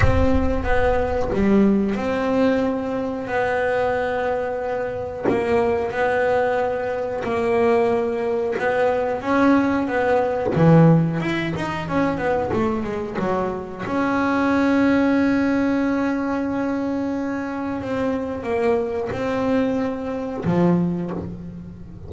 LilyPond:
\new Staff \with { instrumentName = "double bass" } { \time 4/4 \tempo 4 = 91 c'4 b4 g4 c'4~ | c'4 b2. | ais4 b2 ais4~ | ais4 b4 cis'4 b4 |
e4 e'8 dis'8 cis'8 b8 a8 gis8 | fis4 cis'2.~ | cis'2. c'4 | ais4 c'2 f4 | }